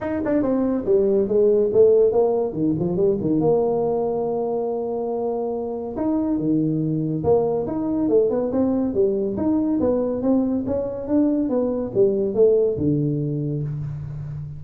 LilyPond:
\new Staff \with { instrumentName = "tuba" } { \time 4/4 \tempo 4 = 141 dis'8 d'8 c'4 g4 gis4 | a4 ais4 dis8 f8 g8 dis8 | ais1~ | ais2 dis'4 dis4~ |
dis4 ais4 dis'4 a8 b8 | c'4 g4 dis'4 b4 | c'4 cis'4 d'4 b4 | g4 a4 d2 | }